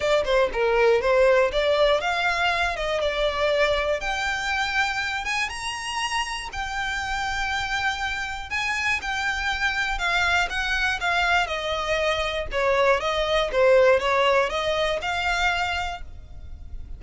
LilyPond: \new Staff \with { instrumentName = "violin" } { \time 4/4 \tempo 4 = 120 d''8 c''8 ais'4 c''4 d''4 | f''4. dis''8 d''2 | g''2~ g''8 gis''8 ais''4~ | ais''4 g''2.~ |
g''4 gis''4 g''2 | f''4 fis''4 f''4 dis''4~ | dis''4 cis''4 dis''4 c''4 | cis''4 dis''4 f''2 | }